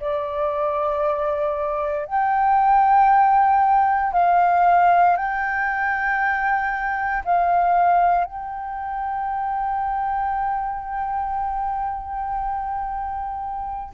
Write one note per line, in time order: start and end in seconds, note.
0.00 2.06 D5
2.06 4.13 G5
4.13 5.16 F5
5.16 7.23 G5
7.25 8.24 F5
8.24 13.93 G5